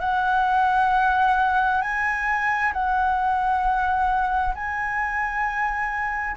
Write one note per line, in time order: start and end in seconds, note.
0.00 1.81 F#5
1.81 2.72 G#5
2.73 4.55 F#5
4.55 6.36 G#5